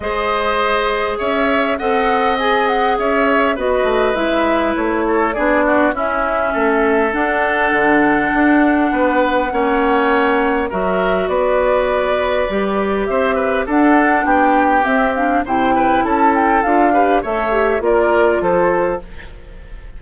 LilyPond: <<
  \new Staff \with { instrumentName = "flute" } { \time 4/4 \tempo 4 = 101 dis''2 e''4 fis''4 | gis''8 fis''8 e''4 dis''4 e''4 | cis''4 d''4 e''2 | fis''1~ |
fis''2 e''4 d''4~ | d''2 e''4 fis''4 | g''4 e''8 f''8 g''4 a''8 g''8 | f''4 e''4 d''4 c''4 | }
  \new Staff \with { instrumentName = "oboe" } { \time 4/4 c''2 cis''4 dis''4~ | dis''4 cis''4 b'2~ | b'8 a'8 gis'8 fis'8 e'4 a'4~ | a'2. b'4 |
cis''2 ais'4 b'4~ | b'2 c''8 b'8 a'4 | g'2 c''8 b'8 a'4~ | a'8 b'8 cis''4 ais'4 a'4 | }
  \new Staff \with { instrumentName = "clarinet" } { \time 4/4 gis'2. a'4 | gis'2 fis'4 e'4~ | e'4 d'4 cis'2 | d'1 |
cis'2 fis'2~ | fis'4 g'2 d'4~ | d'4 c'8 d'8 e'2 | f'8 g'8 a'8 g'8 f'2 | }
  \new Staff \with { instrumentName = "bassoon" } { \time 4/4 gis2 cis'4 c'4~ | c'4 cis'4 b8 a8 gis4 | a4 b4 cis'4 a4 | d'4 d4 d'4 b4 |
ais2 fis4 b4~ | b4 g4 c'4 d'4 | b4 c'4 c4 cis'4 | d'4 a4 ais4 f4 | }
>>